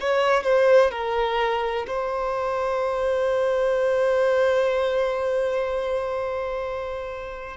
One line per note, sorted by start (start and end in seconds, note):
0.00 0.43 C#5
0.43 0.91 C5
0.91 1.86 A#4
1.87 7.57 C5